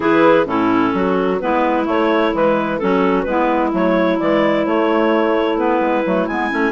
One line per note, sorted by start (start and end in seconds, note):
0.00 0.46 E3
0.00 0.45 E4
0.00 0.47 G#4
0.00 0.47 B4
0.45 0.92 A2
0.45 1.38 C#4
0.45 0.94 E4
0.45 1.39 A4
0.94 1.40 F#3
0.94 1.40 F#4
1.39 1.87 G#3
1.39 1.84 B3
1.39 2.81 E4
1.39 1.86 B4
1.84 2.31 A3
1.84 2.33 A3
1.84 2.35 C#5
2.32 2.80 E3
2.32 2.79 G#3
2.32 2.78 B4
2.78 3.25 F#3
2.78 3.26 C#4
2.78 3.27 F#4
2.78 3.22 A4
3.22 3.72 G#3
3.22 3.72 B3
3.22 6.72 E4
3.22 3.69 B4
3.72 4.19 F#3
3.72 4.18 A3
3.72 4.19 C#5
4.19 4.66 E3
4.19 4.66 G#3
4.19 4.65 D5
4.65 5.79 A3
4.65 5.57 A3
4.65 5.58 C#5
5.57 6.03 B3
5.57 6.27 B4
5.79 6.03 G#3
6.05 6.27 F#3
6.05 6.28 A3
6.27 6.51 G#3
6.27 6.50 B3
6.27 6.72 G#5
6.50 6.72 A3
6.50 6.72 C#4